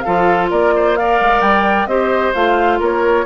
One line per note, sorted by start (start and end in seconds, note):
0.00 0.51 F3
0.00 0.97 F4
0.00 0.50 A4
0.00 0.46 F5
0.50 1.20 A#3
0.50 0.73 A#4
0.50 0.96 D5
0.75 0.98 C5
0.96 1.88 A#4
0.96 1.88 D5
0.96 1.41 F5
1.20 1.40 G#3
1.40 1.86 G3
1.40 1.86 G5
1.86 2.32 C4
1.86 2.34 G4
1.86 2.78 C5
1.86 2.32 D#5
2.33 2.80 A3
2.33 3.25 F4
2.33 2.79 F5
2.78 3.25 A#3
2.78 3.25 A#4
2.78 3.25 C#5